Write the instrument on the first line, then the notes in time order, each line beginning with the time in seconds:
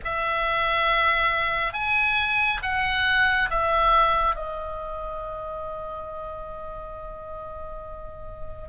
oboe
0.04 E5
1.73 G#5
2.62 F#5
3.50 E5
4.35 D#5